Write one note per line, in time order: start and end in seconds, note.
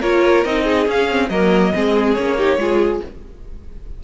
0.00 0.45 A#3
0.00 0.45 F4
0.00 0.63 A#4
0.00 0.45 C#5
0.45 0.88 C4
0.45 0.88 D#4
0.45 0.88 D#5
0.63 1.28 G#4
0.88 1.30 C#4
0.88 1.10 C#4
0.88 1.29 F5
1.10 1.32 C4
1.29 1.73 F#3
1.29 1.74 A#3
1.29 1.74 A#4
1.29 2.14 D#5
1.74 2.18 G#3
1.74 2.17 C4
1.74 2.38 G#4
2.14 2.57 A#3
2.14 2.38 C#4
2.14 2.99 C#5
2.38 2.59 D#4
2.38 2.59 G4
2.57 3.00 G#3
2.57 3.02 F4
2.57 3.04 G#4